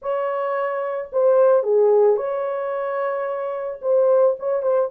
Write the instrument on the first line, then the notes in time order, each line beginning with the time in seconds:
horn
0.01 C#5
1.12 C5
1.63 G#4
2.16 C#5
3.81 C5
4.39 C#5
4.62 C5